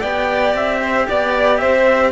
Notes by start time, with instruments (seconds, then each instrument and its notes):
0.00 cello B3 G4, violin D5, trumpet G5
0.54 cello C4, trumpet E5
0.82 violin C5
1.09 cello B3, trumpet D5, violin D5
1.58 cello C4, violin C5, trumpet E5